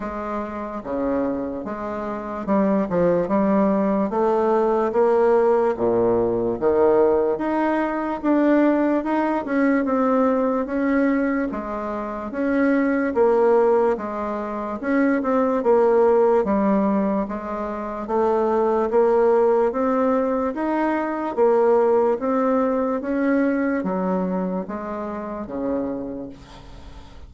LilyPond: \new Staff \with { instrumentName = "bassoon" } { \time 4/4 \tempo 4 = 73 gis4 cis4 gis4 g8 f8 | g4 a4 ais4 ais,4 | dis4 dis'4 d'4 dis'8 cis'8 | c'4 cis'4 gis4 cis'4 |
ais4 gis4 cis'8 c'8 ais4 | g4 gis4 a4 ais4 | c'4 dis'4 ais4 c'4 | cis'4 fis4 gis4 cis4 | }